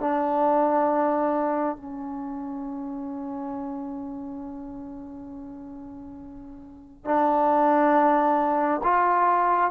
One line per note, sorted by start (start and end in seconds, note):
0.00 1.76 D4
1.76 7.05 C#4
7.05 8.81 D4
8.83 9.71 F4